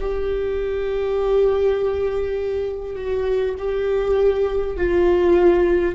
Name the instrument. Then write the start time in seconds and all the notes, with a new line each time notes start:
viola
0.00 G4
2.95 F#4
3.58 G4
4.77 F4